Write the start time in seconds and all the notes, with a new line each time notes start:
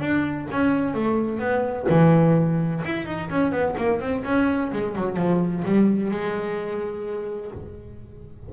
0.00 D4
0.51 C#4
0.94 A3
1.39 B3
1.89 E3
2.85 E4
3.06 D#4
3.30 C#4
3.52 B3
3.77 A#3
4.00 C4
4.24 C#4
4.72 G#3
4.96 F#3
5.17 F3
5.65 G3
6.11 G#3